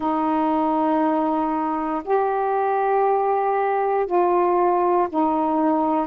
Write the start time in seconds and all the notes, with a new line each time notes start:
0.00 D#4
2.04 G4
4.06 F4
5.09 D#4